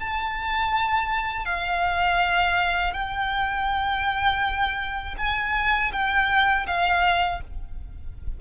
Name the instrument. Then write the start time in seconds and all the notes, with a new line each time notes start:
violin
0.00 A5
1.45 F5
2.93 G5
5.18 G#5
5.93 G5
6.67 F5